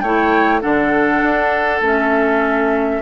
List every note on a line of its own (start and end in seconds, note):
0.00 0.62 A3
0.00 0.61 E4
0.00 0.61 C#5
0.00 0.60 G5
0.61 1.22 D3
0.61 1.81 D4
0.61 3.01 A4
0.61 1.81 F#5
1.22 1.80 D4
1.80 3.00 A3
1.80 3.01 C#4
1.80 3.01 E5